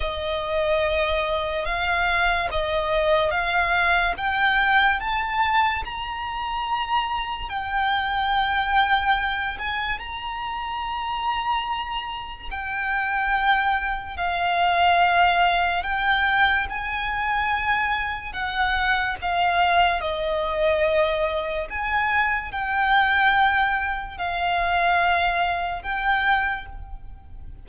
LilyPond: \new Staff \with { instrumentName = "violin" } { \time 4/4 \tempo 4 = 72 dis''2 f''4 dis''4 | f''4 g''4 a''4 ais''4~ | ais''4 g''2~ g''8 gis''8 | ais''2. g''4~ |
g''4 f''2 g''4 | gis''2 fis''4 f''4 | dis''2 gis''4 g''4~ | g''4 f''2 g''4 | }